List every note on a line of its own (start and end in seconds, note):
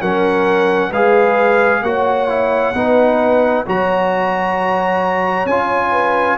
0.00 0.92 F#3
0.00 0.92 C#4
0.00 0.89 A#4
0.00 0.92 F#5
0.89 1.82 G#3
0.89 1.85 G#4
0.89 1.80 B4
0.89 1.83 F5
1.82 2.73 A#3
1.82 2.29 F#4
1.82 2.75 C#5
1.82 3.65 F#5
2.29 2.74 E4
2.74 3.65 B3
2.74 3.66 D#4
2.74 3.66 B4
3.66 5.46 F#3
3.66 5.48 F#4
3.66 5.91 C#5
3.66 5.47 A#5
5.46 6.37 C#4
5.46 6.38 F4
5.46 6.38 G#5
5.91 6.37 B4